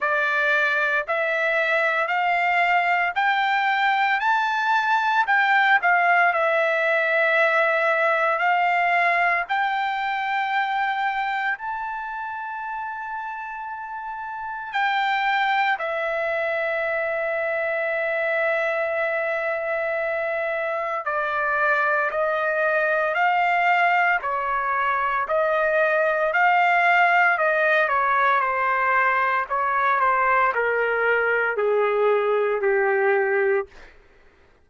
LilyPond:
\new Staff \with { instrumentName = "trumpet" } { \time 4/4 \tempo 4 = 57 d''4 e''4 f''4 g''4 | a''4 g''8 f''8 e''2 | f''4 g''2 a''4~ | a''2 g''4 e''4~ |
e''1 | d''4 dis''4 f''4 cis''4 | dis''4 f''4 dis''8 cis''8 c''4 | cis''8 c''8 ais'4 gis'4 g'4 | }